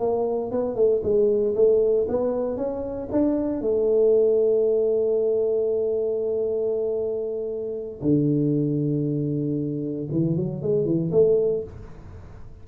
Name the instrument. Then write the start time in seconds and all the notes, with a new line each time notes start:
tuba
0.00 A#3
0.51 B3
0.76 A3
1.04 G#3
1.55 A3
2.09 B3
2.57 C#4
3.12 D4
3.62 A3
8.02 D3
10.12 E3
10.37 F#3
10.62 G#3
10.86 E3
11.12 A3